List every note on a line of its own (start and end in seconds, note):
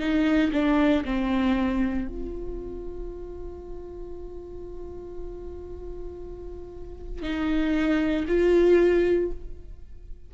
0.00 0.52 D#4
0.53 1.04 D4
1.05 2.08 C4
2.08 7.23 F4
7.23 8.26 D#4
8.28 9.32 F4